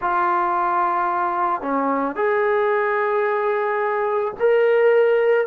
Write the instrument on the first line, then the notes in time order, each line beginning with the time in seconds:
trombone
0.01 F4
1.61 C#4
2.15 G#4
4.39 A#4